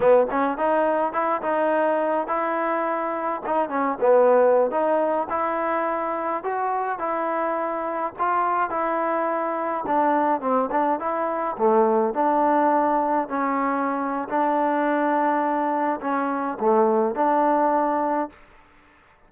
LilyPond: \new Staff \with { instrumentName = "trombone" } { \time 4/4 \tempo 4 = 105 b8 cis'8 dis'4 e'8 dis'4. | e'2 dis'8 cis'8 b4~ | b16 dis'4 e'2 fis'8.~ | fis'16 e'2 f'4 e'8.~ |
e'4~ e'16 d'4 c'8 d'8 e'8.~ | e'16 a4 d'2 cis'8.~ | cis'4 d'2. | cis'4 a4 d'2 | }